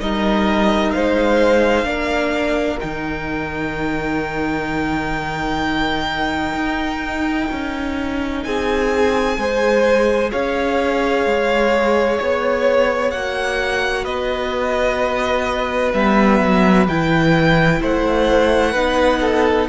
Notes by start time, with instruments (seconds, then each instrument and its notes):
0.00 cello G3, viola D#4, violin A#4 D#5
0.92 cello G#3, violin C5 F5
1.84 cello A#3, viola D4, violin A#4
2.80 cello D#3, viola D#4, violin G5
6.53 cello D#4
7.51 cello C#4
8.43 cello C4, violin G#4 G#5
9.38 cello G#3, viola G#4, violin C5
10.31 cello C#4, violin C#5 F5
11.25 cello G#3
12.18 cello B3, violin C#5
13.11 cello A#3, viola F#4, violin F#5
14.03 cello B3, violin B4 D#5
15.93 cello G3, viola B3, violin E5
16.40 cello F#3
16.88 cello E3, viola E4, violin G5
17.81 cello A3, violin C5 F#5
18.72 cello B3, viola D#4, violin B4
19.21 violin A4